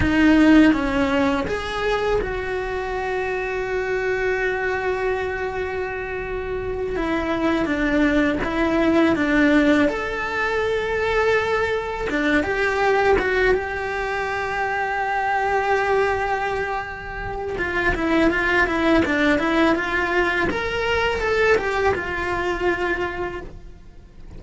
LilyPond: \new Staff \with { instrumentName = "cello" } { \time 4/4 \tempo 4 = 82 dis'4 cis'4 gis'4 fis'4~ | fis'1~ | fis'4. e'4 d'4 e'8~ | e'8 d'4 a'2~ a'8~ |
a'8 d'8 g'4 fis'8 g'4.~ | g'1 | f'8 e'8 f'8 e'8 d'8 e'8 f'4 | ais'4 a'8 g'8 f'2 | }